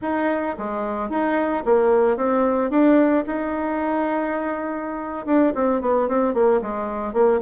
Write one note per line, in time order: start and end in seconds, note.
0.01 0.56 D#4
0.58 1.09 G#3
1.09 1.63 D#4
1.65 2.16 A#3
2.16 2.70 C4
2.70 3.24 D4
3.26 5.26 D#4
5.26 5.53 D4
5.54 5.81 C4
5.81 6.08 B3
6.08 6.34 C4
6.34 6.61 A#3
6.61 7.13 G#3
7.13 7.40 A#3